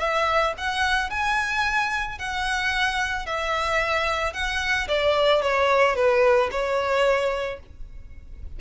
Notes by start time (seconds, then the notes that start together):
0.00 E5
0.58 F#5
1.11 G#5
2.19 F#5
3.26 E5
4.34 F#5
4.88 D5
5.43 C#5
5.96 B4
6.52 C#5